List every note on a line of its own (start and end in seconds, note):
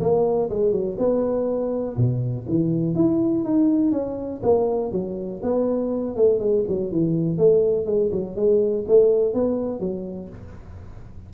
0.00 0.49 A#3
0.50 0.72 G#3
0.72 0.96 F#3
0.98 1.96 B3
1.97 2.46 B2
2.48 2.95 E3
2.95 3.44 E4
3.44 3.92 D#4
3.92 4.41 C#4
4.42 4.92 A#3
4.92 5.41 F#3
5.42 6.16 B3
6.16 6.39 A3
6.39 6.64 G#3
6.68 6.91 F#3
6.91 7.38 E3
7.38 7.86 A3
7.86 8.10 G#3
8.12 8.36 F#3
8.36 8.85 G#3
8.88 9.34 A3
9.34 9.80 B3
9.80 10.29 F#3